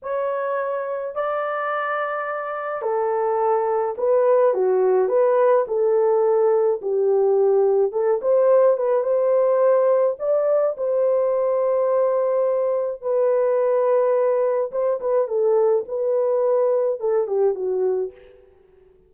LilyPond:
\new Staff \with { instrumentName = "horn" } { \time 4/4 \tempo 4 = 106 cis''2 d''2~ | d''4 a'2 b'4 | fis'4 b'4 a'2 | g'2 a'8 c''4 b'8 |
c''2 d''4 c''4~ | c''2. b'4~ | b'2 c''8 b'8 a'4 | b'2 a'8 g'8 fis'4 | }